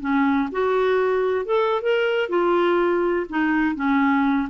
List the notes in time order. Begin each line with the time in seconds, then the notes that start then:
0.00 C#4
0.52 F#4
1.45 A4
1.82 A#4
2.29 F4
3.29 D#4
3.75 C#4